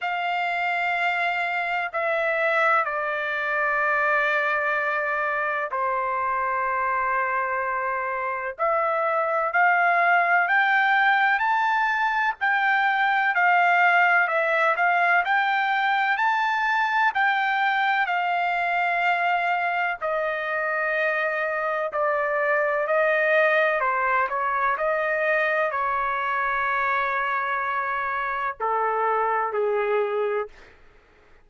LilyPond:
\new Staff \with { instrumentName = "trumpet" } { \time 4/4 \tempo 4 = 63 f''2 e''4 d''4~ | d''2 c''2~ | c''4 e''4 f''4 g''4 | a''4 g''4 f''4 e''8 f''8 |
g''4 a''4 g''4 f''4~ | f''4 dis''2 d''4 | dis''4 c''8 cis''8 dis''4 cis''4~ | cis''2 a'4 gis'4 | }